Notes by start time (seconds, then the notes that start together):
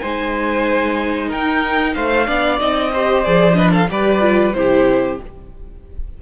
0.00 G#3 D#4 C5 G#5
1.29 D#4 A#4 G5
1.95 A3 C5 F5
2.27 B3 D4 D5
2.60 C4 D#4 D#5
2.94 G4 C5
3.24 F3 G#4 D5
3.54 D4 B4 D#5
3.72 A4 F5
3.90 G3 G4 B4 D5
4.21 F4
4.53 C3 E4 G4 C5